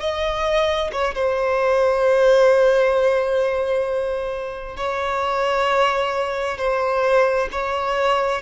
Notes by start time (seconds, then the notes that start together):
0.00 D#5
0.92 C#5
1.14 C5
4.77 C#5
6.57 C5
7.52 C#5